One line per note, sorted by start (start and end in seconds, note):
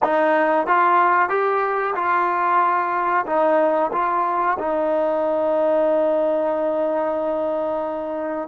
0.02 0.67 D#4
0.67 1.29 F4
1.29 1.94 G4
1.95 3.25 F4
3.25 3.91 D#4
3.92 4.57 F4
4.59 8.48 D#4